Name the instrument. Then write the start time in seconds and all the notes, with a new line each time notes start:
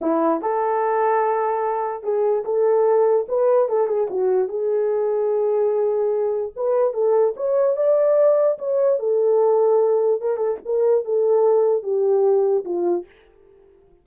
horn
0.01 E4
0.41 A4
2.03 G#4
2.44 A4
3.28 B4
3.68 A4
3.87 G#4
4.09 F#4
4.48 G#4
6.55 B4
6.93 A4
7.36 C#5
7.76 D5
8.58 C#5
8.99 A4
10.21 A#4
10.36 A4
10.65 A#4
11.04 A4
11.83 G4
12.64 F4